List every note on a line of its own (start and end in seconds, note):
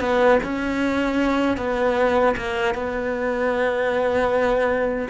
0.00 0.39 B3
0.43 1.57 C#4
1.57 2.35 B3
2.37 2.74 A#3
2.74 5.08 B3